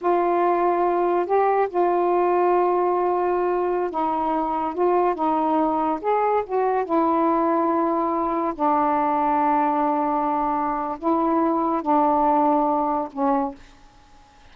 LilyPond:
\new Staff \with { instrumentName = "saxophone" } { \time 4/4 \tempo 4 = 142 f'2. g'4 | f'1~ | f'4~ f'16 dis'2 f'8.~ | f'16 dis'2 gis'4 fis'8.~ |
fis'16 e'2.~ e'8.~ | e'16 d'2.~ d'8.~ | d'2 e'2 | d'2. cis'4 | }